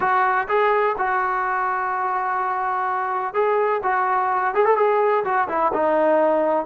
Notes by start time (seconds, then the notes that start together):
0.00 F#4
0.48 G#4
0.98 F#4
3.34 G#4
3.83 F#4
4.54 G#4
4.65 A4
4.76 G#4
5.24 F#4
5.48 E4
5.73 D#4